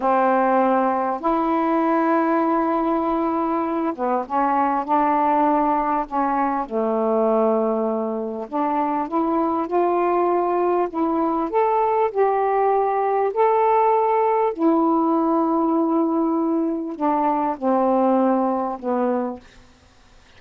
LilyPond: \new Staff \with { instrumentName = "saxophone" } { \time 4/4 \tempo 4 = 99 c'2 e'2~ | e'2~ e'8 b8 cis'4 | d'2 cis'4 a4~ | a2 d'4 e'4 |
f'2 e'4 a'4 | g'2 a'2 | e'1 | d'4 c'2 b4 | }